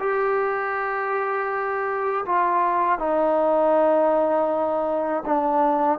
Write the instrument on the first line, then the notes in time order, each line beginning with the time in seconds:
trombone
0.00 G4
2.26 F4
2.99 D#4
5.26 D4